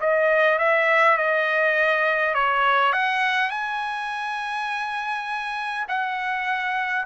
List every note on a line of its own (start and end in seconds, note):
0.00 0.58 D#5
0.58 1.17 E5
1.17 2.34 D#5
2.34 2.93 C#5
2.93 3.50 F#5
3.50 5.85 G#5
5.88 7.06 F#5